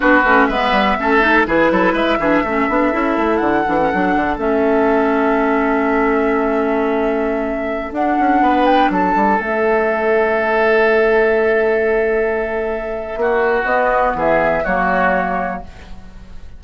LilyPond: <<
  \new Staff \with { instrumentName = "flute" } { \time 4/4 \tempo 4 = 123 b'4 e''2 b'4 | e''2. fis''4~ | fis''4 e''2.~ | e''1~ |
e''16 fis''4. g''8 a''4 e''8.~ | e''1~ | e''1 | dis''4 e''4 cis''2 | }
  \new Staff \with { instrumentName = "oboe" } { \time 4/4 fis'4 b'4 a'4 gis'8 a'8 | b'8 gis'8 a'2.~ | a'1~ | a'1~ |
a'4~ a'16 b'4 a'4.~ a'16~ | a'1~ | a'2. fis'4~ | fis'4 gis'4 fis'2 | }
  \new Staff \with { instrumentName = "clarinet" } { \time 4/4 d'8 cis'8 b4 cis'8 dis'8 e'4~ | e'8 d'8 cis'8 d'8 e'4. d'16 cis'16 | d'4 cis'2.~ | cis'1~ |
cis'16 d'2. cis'8.~ | cis'1~ | cis'1 | b2 ais2 | }
  \new Staff \with { instrumentName = "bassoon" } { \time 4/4 b8 a8 gis8 g8 a4 e8 fis8 | gis8 e8 a8 b8 cis'8 a8 d8 e8 | fis8 d8 a2.~ | a1~ |
a16 d'8 cis'8 b4 fis8 g8 a8.~ | a1~ | a2. ais4 | b4 e4 fis2 | }
>>